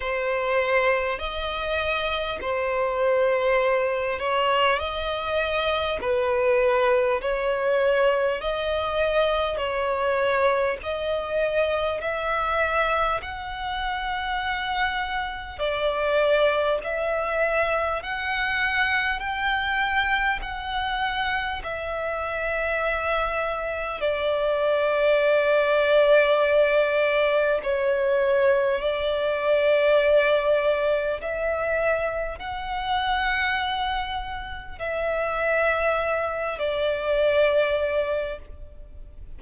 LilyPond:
\new Staff \with { instrumentName = "violin" } { \time 4/4 \tempo 4 = 50 c''4 dis''4 c''4. cis''8 | dis''4 b'4 cis''4 dis''4 | cis''4 dis''4 e''4 fis''4~ | fis''4 d''4 e''4 fis''4 |
g''4 fis''4 e''2 | d''2. cis''4 | d''2 e''4 fis''4~ | fis''4 e''4. d''4. | }